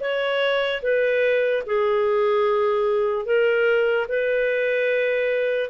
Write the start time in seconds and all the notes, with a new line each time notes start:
0.00 C#5
0.82 B4
1.66 G#4
3.25 A#4
4.08 B4